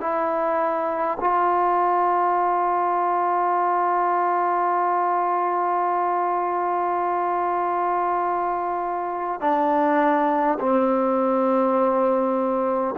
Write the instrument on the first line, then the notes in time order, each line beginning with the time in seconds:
trombone
0.00 E4
1.20 F4
9.40 D4
10.60 C4